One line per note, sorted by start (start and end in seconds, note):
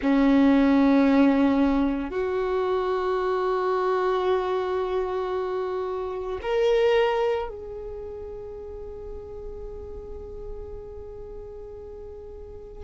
0.01 2.10 C#4
2.10 6.38 F#4
6.41 7.49 A#4
7.49 12.84 G#4